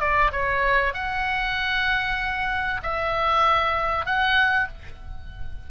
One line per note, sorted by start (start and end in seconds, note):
0.00 0.31 D5
0.32 0.94 C#5
0.94 2.81 F#5
2.83 4.06 E5
4.06 4.68 F#5